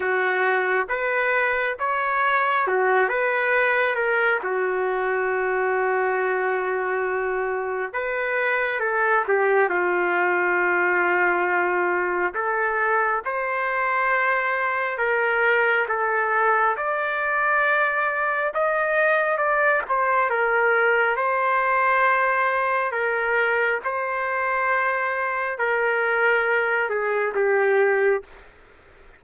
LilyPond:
\new Staff \with { instrumentName = "trumpet" } { \time 4/4 \tempo 4 = 68 fis'4 b'4 cis''4 fis'8 b'8~ | b'8 ais'8 fis'2.~ | fis'4 b'4 a'8 g'8 f'4~ | f'2 a'4 c''4~ |
c''4 ais'4 a'4 d''4~ | d''4 dis''4 d''8 c''8 ais'4 | c''2 ais'4 c''4~ | c''4 ais'4. gis'8 g'4 | }